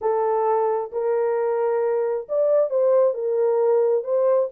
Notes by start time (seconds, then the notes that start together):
0.01 A4
0.92 A#4
2.28 D5
2.69 C5
3.14 A#4
4.04 C5